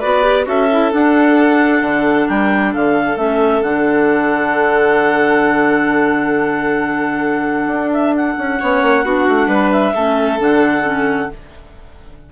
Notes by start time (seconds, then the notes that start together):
0.00 B3 F#4 B4 D5
0.22 G4
0.44 C#4 F#4 A4 E5
0.72 E4
0.90 D4 F#5
1.81 D3
2.27 G3 A#4 G5
2.71 D3 A4 F5
3.16 A3 C#4 E5
3.62 D3 D4 F#5
7.67 D4
7.92 E5
8.16 F#5
8.38 C#4
8.59 B3 C#4 C#5
8.82 A#3
9.04 B3 D4 F#4
9.28 A3
9.47 G3 B4
9.71 E5
9.95 A3 C#4 A4
10.38 D3 D4 F#5
10.83 C#4